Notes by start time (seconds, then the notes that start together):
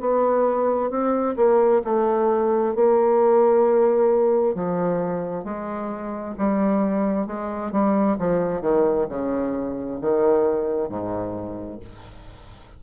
0.00 B3
0.90 C4
1.36 A#3
1.84 A3
2.75 A#3
4.55 F3
5.44 G#3
6.38 G3
7.26 G#3
7.71 G3
8.19 F3
8.61 D#3
9.09 C#3
10.00 D#3
10.89 G#2